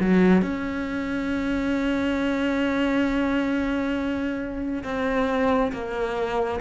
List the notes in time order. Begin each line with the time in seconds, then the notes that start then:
0.00 F#3
0.42 C#4
4.84 C4
5.72 A#3